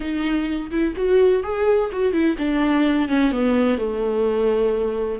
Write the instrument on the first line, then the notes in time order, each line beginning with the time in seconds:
viola
0.00 D#4
0.71 E4
0.96 F#4
1.43 G#4
1.92 F#4
2.12 E4
2.38 D4
3.08 C#4
3.31 B3
3.78 A3